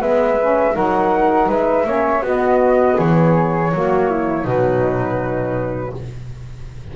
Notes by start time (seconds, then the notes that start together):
0.00 G#3 B3 B4 E5
0.41 C#4
0.73 F#3 D#4 A#4 F#5
1.48 G#3 B4 E5
1.84 A#3 C#4 C#5
2.21 B3 F#4 D#5
2.97 E3 G#4 C#5
3.71 F#3 A#3 F#4
4.10 E4
4.44 B2 F#3 D#4 B4